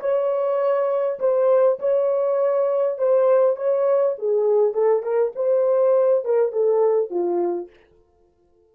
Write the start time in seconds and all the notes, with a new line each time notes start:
0.00 C#5
1.19 C5
1.79 C#5
2.98 C5
3.56 C#5
4.18 G#4
4.73 A4
5.02 A#4
5.35 C5
6.24 A#4
6.52 A4
7.10 F4